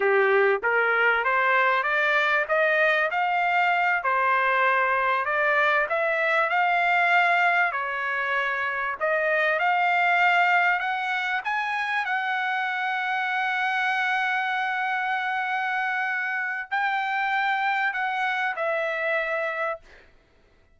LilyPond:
\new Staff \with { instrumentName = "trumpet" } { \time 4/4 \tempo 4 = 97 g'4 ais'4 c''4 d''4 | dis''4 f''4. c''4.~ | c''8 d''4 e''4 f''4.~ | f''8 cis''2 dis''4 f''8~ |
f''4. fis''4 gis''4 fis''8~ | fis''1~ | fis''2. g''4~ | g''4 fis''4 e''2 | }